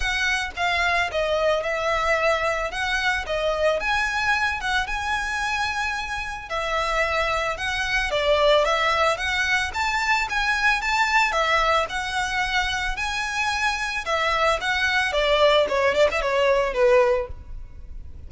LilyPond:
\new Staff \with { instrumentName = "violin" } { \time 4/4 \tempo 4 = 111 fis''4 f''4 dis''4 e''4~ | e''4 fis''4 dis''4 gis''4~ | gis''8 fis''8 gis''2. | e''2 fis''4 d''4 |
e''4 fis''4 a''4 gis''4 | a''4 e''4 fis''2 | gis''2 e''4 fis''4 | d''4 cis''8 d''16 e''16 cis''4 b'4 | }